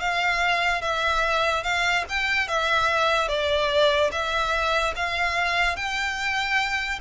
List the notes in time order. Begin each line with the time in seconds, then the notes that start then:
0.00 F5
0.81 E5
1.64 F5
2.09 G5
2.48 E5
3.28 D5
4.12 E5
4.96 F5
5.76 G5